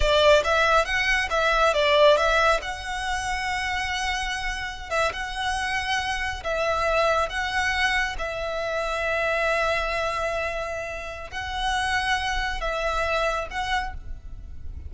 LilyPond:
\new Staff \with { instrumentName = "violin" } { \time 4/4 \tempo 4 = 138 d''4 e''4 fis''4 e''4 | d''4 e''4 fis''2~ | fis''2.~ fis''16 e''8 fis''16~ | fis''2~ fis''8. e''4~ e''16~ |
e''8. fis''2 e''4~ e''16~ | e''1~ | e''2 fis''2~ | fis''4 e''2 fis''4 | }